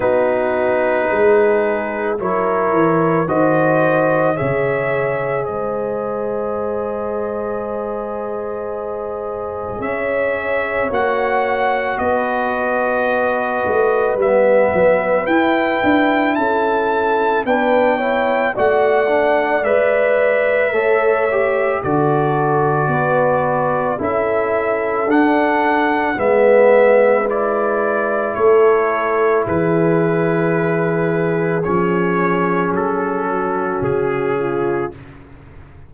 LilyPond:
<<
  \new Staff \with { instrumentName = "trumpet" } { \time 4/4 \tempo 4 = 55 b'2 cis''4 dis''4 | e''4 dis''2.~ | dis''4 e''4 fis''4 dis''4~ | dis''4 e''4 g''4 a''4 |
g''4 fis''4 e''2 | d''2 e''4 fis''4 | e''4 d''4 cis''4 b'4~ | b'4 cis''4 a'4 gis'4 | }
  \new Staff \with { instrumentName = "horn" } { \time 4/4 fis'4 gis'4 ais'4 c''4 | cis''4 c''2.~ | c''4 cis''2 b'4~ | b'2. a'4 |
b'8 cis''8 d''2 cis''4 | a'4 b'4 a'2 | b'2 a'4 gis'4~ | gis'2~ gis'8 fis'4 f'8 | }
  \new Staff \with { instrumentName = "trombone" } { \time 4/4 dis'2 e'4 fis'4 | gis'1~ | gis'2 fis'2~ | fis'4 b4 e'2 |
d'8 e'8 fis'8 d'8 b'4 a'8 g'8 | fis'2 e'4 d'4 | b4 e'2.~ | e'4 cis'2. | }
  \new Staff \with { instrumentName = "tuba" } { \time 4/4 b4 gis4 fis8 e8 dis4 | cis4 gis2.~ | gis4 cis'4 ais4 b4~ | b8 a8 g8 fis8 e'8 d'8 cis'4 |
b4 a4 gis4 a4 | d4 b4 cis'4 d'4 | gis2 a4 e4~ | e4 f4 fis4 cis4 | }
>>